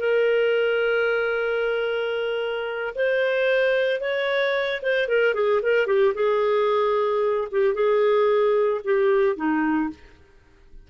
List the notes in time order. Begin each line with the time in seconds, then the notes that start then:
0.00 A#4
2.95 C5
4.01 C#5
4.83 C5
5.09 A#4
5.35 G#4
5.63 A#4
5.87 G4
6.15 G#4
7.52 G4
7.75 G#4
8.85 G4
9.37 D#4